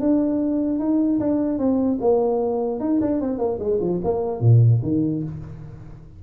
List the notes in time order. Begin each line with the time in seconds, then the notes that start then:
0.00 D4
0.79 D#4
1.19 D4
1.58 C4
2.01 A#3
2.80 D#4
3.01 D4
3.21 C4
3.38 A#3
3.59 G#3
3.80 F3
4.04 A#3
4.40 A#2
4.82 D#3